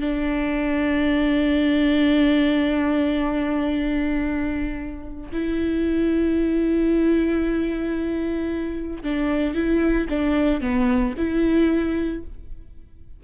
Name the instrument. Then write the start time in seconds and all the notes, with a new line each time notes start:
viola
0.00 D4
5.33 E4
9.03 D4
9.55 E4
10.09 D4
10.61 B3
11.17 E4